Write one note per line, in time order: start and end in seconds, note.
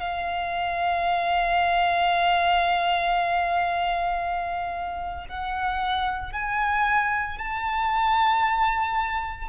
0.00 5.26 F5
5.29 6.33 F#5
6.33 7.38 G#5
7.38 9.49 A5